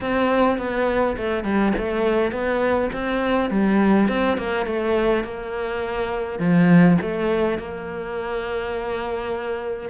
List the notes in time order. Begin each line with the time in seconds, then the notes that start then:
0.01 C4
0.58 B3
1.17 A3
1.44 G3
1.77 A3
2.31 B3
2.93 C4
3.50 G3
4.08 C4
4.37 A#3
4.65 A3
5.24 A#3
6.39 F3
7.01 A3
7.58 A#3